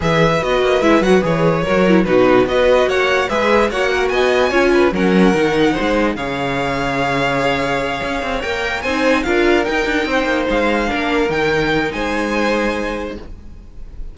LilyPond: <<
  \new Staff \with { instrumentName = "violin" } { \time 4/4 \tempo 4 = 146 e''4 dis''4 e''8 fis''8 cis''4~ | cis''4 b'4 dis''4 fis''4 | e''4 fis''4 gis''2 | fis''2. f''4~ |
f''1~ | f''8 g''4 gis''4 f''4 g''8~ | g''4. f''2 g''8~ | g''4 gis''2. | }
  \new Staff \with { instrumentName = "violin" } { \time 4/4 b'1 | ais'4 fis'4 b'4 cis''4 | b'4 cis''8 ais'8 dis''4 cis''8 b'8 | ais'2 c''4 cis''4~ |
cis''1~ | cis''4. c''4 ais'4.~ | ais'8 c''2 ais'4.~ | ais'4 c''2. | }
  \new Staff \with { instrumentName = "viola" } { \time 4/4 gis'4 fis'4 e'8 fis'8 gis'4 | fis'8 e'8 dis'4 fis'2 | gis'4 fis'2 f'4 | cis'4 dis'2 gis'4~ |
gis'1~ | gis'8 ais'4 dis'4 f'4 dis'8~ | dis'2~ dis'8 d'4 dis'8~ | dis'1 | }
  \new Staff \with { instrumentName = "cello" } { \time 4/4 e4 b8 ais8 gis8 fis8 e4 | fis4 b,4 b4 ais4 | gis4 ais4 b4 cis'4 | fis4 dis4 gis4 cis4~ |
cis2.~ cis8 cis'8 | c'8 ais4 c'4 d'4 dis'8 | d'8 c'8 ais8 gis4 ais4 dis8~ | dis4 gis2. | }
>>